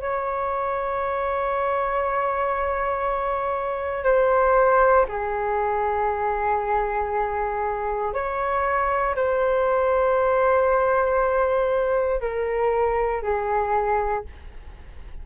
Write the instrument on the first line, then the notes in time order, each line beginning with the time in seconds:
flute
0.00 C#5
4.04 C5
5.08 G#4
8.13 C#5
9.15 C5
12.20 A#4
13.22 G#4